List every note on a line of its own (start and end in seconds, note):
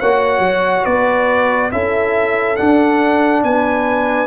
0.00 0.39 A#3
0.00 1.72 F#4
0.00 0.84 C#5
0.00 0.85 F#5
0.39 0.82 F#3
0.84 1.72 B3
0.84 1.70 B4
0.84 1.71 D5
1.72 2.58 C#4
1.72 2.57 E4
1.72 3.44 A4
1.72 2.56 E5
2.56 4.27 D4
2.56 3.43 D4
2.56 3.42 F#5
3.43 4.27 B3
3.43 4.27 B4
3.43 4.27 G#5